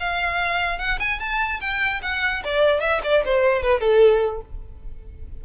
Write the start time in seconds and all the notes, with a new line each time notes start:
0.00 F5
0.79 F#5
1.00 G#5
1.20 A5
1.61 G5
2.03 F#5
2.45 D5
2.81 E5
3.04 D5
3.25 C5
3.63 B4
3.81 A4